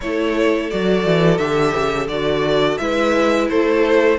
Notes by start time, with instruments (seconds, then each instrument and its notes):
0.01 cello A3, viola E4, violin A4 C#5
0.70 cello F#3, viola F#4, violin D5
1.05 cello E3
1.37 cello D3, viola G4, violin E5
1.76 cello C#3
2.07 cello D3, viola F#4, violin D5
2.77 cello G#3, viola E4, violin B4 E5
3.49 cello A3, violin A4 C5